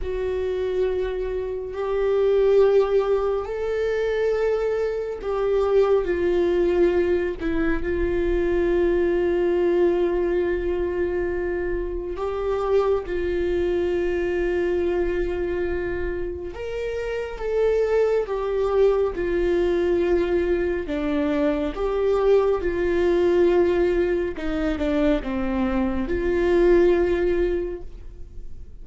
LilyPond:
\new Staff \with { instrumentName = "viola" } { \time 4/4 \tempo 4 = 69 fis'2 g'2 | a'2 g'4 f'4~ | f'8 e'8 f'2.~ | f'2 g'4 f'4~ |
f'2. ais'4 | a'4 g'4 f'2 | d'4 g'4 f'2 | dis'8 d'8 c'4 f'2 | }